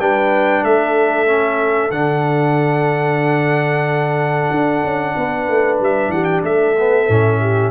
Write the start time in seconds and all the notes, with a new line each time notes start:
0.00 G3 D4 B4 G5
0.64 A3 A4 E5
1.27 C#4
1.91 D3 D4 F#5
4.51 D4
4.84 C#4
5.17 B3 B4
5.49 A3
5.81 G3 E5
6.09 E3 G4 F#5
6.25 G5
6.43 A3 A4 E5
6.79 B3
7.09 A2 C#4
7.41 G4